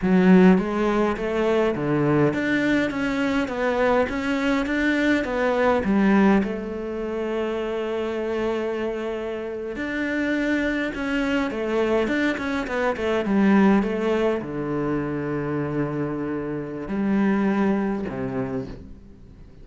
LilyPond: \new Staff \with { instrumentName = "cello" } { \time 4/4 \tempo 4 = 103 fis4 gis4 a4 d4 | d'4 cis'4 b4 cis'4 | d'4 b4 g4 a4~ | a1~ |
a8. d'2 cis'4 a16~ | a8. d'8 cis'8 b8 a8 g4 a16~ | a8. d2.~ d16~ | d4 g2 c4 | }